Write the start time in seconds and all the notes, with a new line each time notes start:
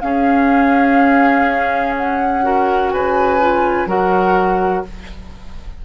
0.00 C#4 G#4 F5
1.96 F#5
2.43 F#4 A#4
2.91 C#3 B4 G#5
3.40 F4
3.85 F#3 F#4 A#4 F#5